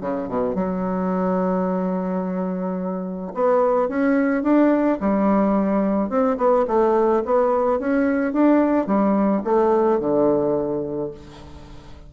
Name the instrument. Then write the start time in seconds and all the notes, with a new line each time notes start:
bassoon
0.00 C#3
0.28 B2
0.55 F#3
3.34 B3
3.88 C#4
4.43 D4
5.00 G3
6.09 C4
6.37 B3
6.67 A3
7.25 B3
7.79 C#4
8.33 D4
8.86 G3
9.44 A3
9.99 D3